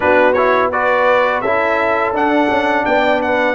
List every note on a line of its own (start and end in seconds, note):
0.00 1.42 B3
0.00 0.34 D4
0.00 0.70 F#4
0.00 0.33 B4
0.33 0.72 E4
0.33 0.68 C#5
0.70 1.44 F#4
0.70 1.42 B4
0.70 1.41 D5
1.41 2.12 C#4
1.41 2.14 E4
1.41 2.85 A4
1.41 2.12 E5
2.12 2.48 D4
2.12 3.54 D4
2.12 2.85 F#5
2.49 2.85 C#4
2.85 3.54 B3
2.85 3.21 D5
2.85 3.21 G5
3.22 3.54 B4
3.22 3.54 F#5